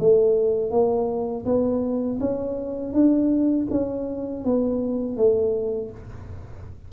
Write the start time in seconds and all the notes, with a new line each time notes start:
0.00 A3
0.71 A#3
1.45 B3
2.21 C#4
2.94 D4
3.71 C#4
4.45 B3
5.17 A3